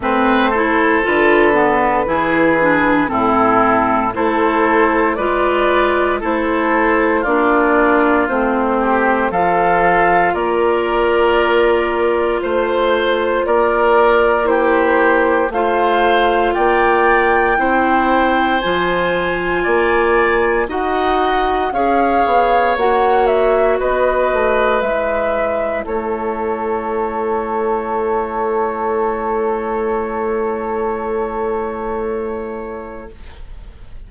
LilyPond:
<<
  \new Staff \with { instrumentName = "flute" } { \time 4/4 \tempo 4 = 58 c''4 b'2 a'4 | c''4 d''4 c''4 d''4 | c''4 f''4 d''2 | c''4 d''4 c''4 f''4 |
g''2 gis''2 | fis''4 f''4 fis''8 e''8 dis''4 | e''4 cis''2.~ | cis''1 | }
  \new Staff \with { instrumentName = "oboe" } { \time 4/4 b'8 a'4. gis'4 e'4 | a'4 b'4 a'4 f'4~ | f'8 g'8 a'4 ais'2 | c''4 ais'4 g'4 c''4 |
d''4 c''2 d''4 | dis''4 cis''2 b'4~ | b'4 a'2.~ | a'1 | }
  \new Staff \with { instrumentName = "clarinet" } { \time 4/4 c'8 e'8 f'8 b8 e'8 d'8 c'4 | e'4 f'4 e'4 d'4 | c'4 f'2.~ | f'2 e'4 f'4~ |
f'4 e'4 f'2 | fis'4 gis'4 fis'2 | e'1~ | e'1 | }
  \new Staff \with { instrumentName = "bassoon" } { \time 4/4 a4 d4 e4 a,4 | a4 gis4 a4 ais4 | a4 f4 ais2 | a4 ais2 a4 |
ais4 c'4 f4 ais4 | dis'4 cis'8 b8 ais4 b8 a8 | gis4 a2.~ | a1 | }
>>